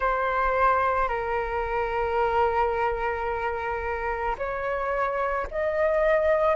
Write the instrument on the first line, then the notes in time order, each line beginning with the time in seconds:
flute
0.00 C5
1.08 A#4
4.38 C#5
5.50 D#5